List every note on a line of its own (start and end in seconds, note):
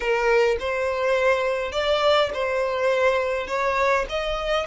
0.00 0.57 A#4
0.59 1.72 C5
1.72 2.30 D5
2.33 3.47 C5
3.47 4.05 C#5
4.09 4.66 D#5